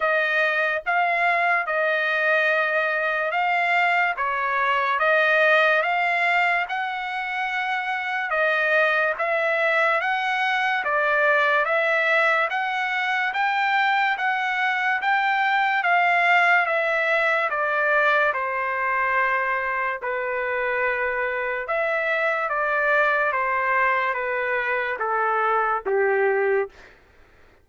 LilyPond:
\new Staff \with { instrumentName = "trumpet" } { \time 4/4 \tempo 4 = 72 dis''4 f''4 dis''2 | f''4 cis''4 dis''4 f''4 | fis''2 dis''4 e''4 | fis''4 d''4 e''4 fis''4 |
g''4 fis''4 g''4 f''4 | e''4 d''4 c''2 | b'2 e''4 d''4 | c''4 b'4 a'4 g'4 | }